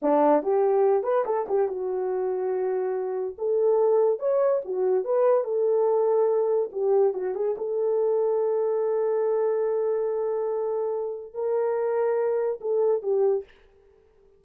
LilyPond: \new Staff \with { instrumentName = "horn" } { \time 4/4 \tempo 4 = 143 d'4 g'4. b'8 a'8 g'8 | fis'1 | a'2 cis''4 fis'4 | b'4 a'2. |
g'4 fis'8 gis'8 a'2~ | a'1~ | a'2. ais'4~ | ais'2 a'4 g'4 | }